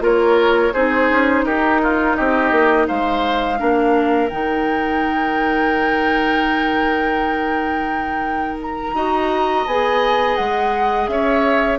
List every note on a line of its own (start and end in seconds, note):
0.00 0.72 A#3
0.00 0.71 F4
0.00 0.74 A#4
0.00 0.74 C#5
0.74 1.11 C4
0.74 3.58 D#4
0.74 1.45 G#4
0.74 1.45 C5
1.11 1.44 C#4
1.44 2.15 D#4
1.44 1.81 G4
1.44 2.15 A#4
1.82 2.17 F4
2.15 2.51 C4
2.15 2.87 G4
2.15 2.86 D#5
2.51 2.87 A#3
2.87 3.61 G#3
2.87 3.59 C5
2.87 4.29 F5
3.58 4.31 A#3
3.58 4.29 D4
3.58 8.95 A#4
4.29 8.94 D#3
4.29 8.95 D#4
4.29 8.58 G5
8.62 9.67 A#5
8.94 9.65 D#4
8.94 9.66 F#4
8.94 11.10 D#5
9.66 10.38 B3
9.66 11.79 G#4
9.66 10.36 G#5
10.36 11.08 G#3
10.36 11.07 F#5
11.07 11.79 C#4
11.07 11.79 C#5
11.07 11.79 E5